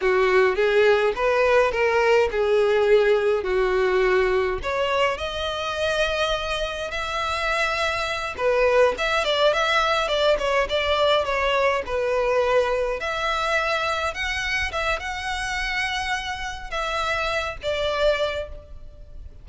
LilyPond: \new Staff \with { instrumentName = "violin" } { \time 4/4 \tempo 4 = 104 fis'4 gis'4 b'4 ais'4 | gis'2 fis'2 | cis''4 dis''2. | e''2~ e''8 b'4 e''8 |
d''8 e''4 d''8 cis''8 d''4 cis''8~ | cis''8 b'2 e''4.~ | e''8 fis''4 e''8 fis''2~ | fis''4 e''4. d''4. | }